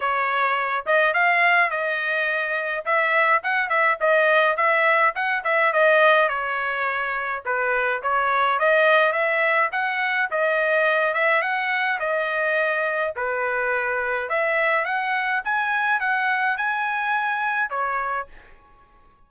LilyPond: \new Staff \with { instrumentName = "trumpet" } { \time 4/4 \tempo 4 = 105 cis''4. dis''8 f''4 dis''4~ | dis''4 e''4 fis''8 e''8 dis''4 | e''4 fis''8 e''8 dis''4 cis''4~ | cis''4 b'4 cis''4 dis''4 |
e''4 fis''4 dis''4. e''8 | fis''4 dis''2 b'4~ | b'4 e''4 fis''4 gis''4 | fis''4 gis''2 cis''4 | }